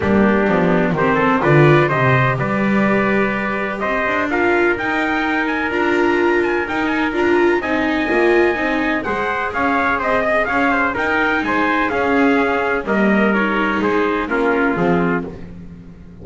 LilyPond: <<
  \new Staff \with { instrumentName = "trumpet" } { \time 4/4 \tempo 4 = 126 g'2 c''4 d''4 | dis''4 d''2. | dis''4 f''4 g''4. gis''8 | ais''4. gis''8 g''8 gis''8 ais''4 |
gis''2. fis''4 | f''4 dis''4 f''4 g''4 | gis''4 f''2 dis''4 | cis''4 c''4 ais'4 gis'4 | }
  \new Staff \with { instrumentName = "trumpet" } { \time 4/4 d'2 g'8 a'8 b'4 | c''4 b'2. | c''4 ais'2.~ | ais'1 |
dis''2. c''4 | cis''4 c''8 dis''8 cis''8 c''8 ais'4 | c''4 gis'2 ais'4~ | ais'4 gis'4 f'2 | }
  \new Staff \with { instrumentName = "viola" } { \time 4/4 ais4 b4 c'4 f'4 | g'1~ | g'4 f'4 dis'2 | f'2 dis'4 f'4 |
dis'4 f'4 dis'4 gis'4~ | gis'2. dis'4~ | dis'4 cis'2 ais4 | dis'2 cis'4 c'4 | }
  \new Staff \with { instrumentName = "double bass" } { \time 4/4 g4 f4 dis4 d4 | c4 g2. | c'8 d'4. dis'2 | d'2 dis'4 d'4 |
c'4 ais4 c'4 gis4 | cis'4 c'4 cis'4 dis'4 | gis4 cis'2 g4~ | g4 gis4 ais4 f4 | }
>>